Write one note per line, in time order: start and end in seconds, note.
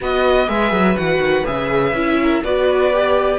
0.00 0.48 B3
0.00 0.46 F#4
0.00 2.19 B4
0.00 0.49 D#5
0.46 0.72 G#3
0.46 0.95 G#4
0.46 0.97 E5
0.72 0.96 F#3
0.96 1.18 E3
0.96 1.44 F#4
0.96 1.45 F#5
1.18 1.42 D#3
1.44 1.92 C#3
1.44 1.93 G#4
1.44 2.42 E5
1.92 2.41 C#4
1.92 2.43 E4
2.22 2.43 A#4
2.43 3.38 B3
2.43 2.92 F#4
2.43 3.38 B4
2.43 3.38 D5
2.92 3.38 G4